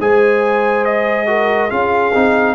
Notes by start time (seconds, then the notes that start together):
0.00 G#3 G#4 C5 G#5
0.85 D#5
1.27 F#4 A#4
1.70 C#4 F4 G#4 F5
2.14 C4 D#4